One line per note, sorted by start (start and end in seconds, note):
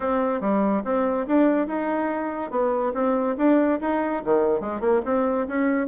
0.00 0.40 C4
0.40 0.82 G3
0.84 1.26 C4
1.27 1.67 D4
1.67 2.50 D#4
2.50 2.92 B3
2.94 3.35 C4
3.37 3.79 D4
3.80 4.22 D#4
4.25 4.60 D#3
4.60 4.80 G#3
4.80 5.01 A#3
5.05 5.47 C4
5.47 5.87 C#4